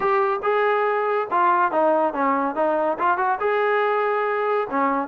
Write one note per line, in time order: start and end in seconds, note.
0.00 0.40 G4
0.42 1.27 G#4
1.30 1.71 F4
1.71 2.13 D#4
2.13 2.55 C#4
2.55 2.97 D#4
2.98 3.17 F4
3.17 3.38 F#4
3.40 4.67 G#4
4.70 5.08 C#4